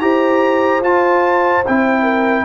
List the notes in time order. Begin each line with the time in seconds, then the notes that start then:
0.00 E4 G4 C5 A#5
0.81 F4 A5
1.66 C4 E4 G5
2.02 A#4